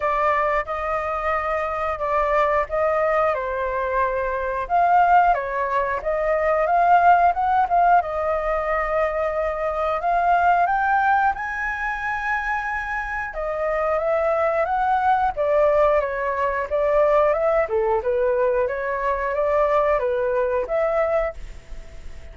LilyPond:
\new Staff \with { instrumentName = "flute" } { \time 4/4 \tempo 4 = 90 d''4 dis''2 d''4 | dis''4 c''2 f''4 | cis''4 dis''4 f''4 fis''8 f''8 | dis''2. f''4 |
g''4 gis''2. | dis''4 e''4 fis''4 d''4 | cis''4 d''4 e''8 a'8 b'4 | cis''4 d''4 b'4 e''4 | }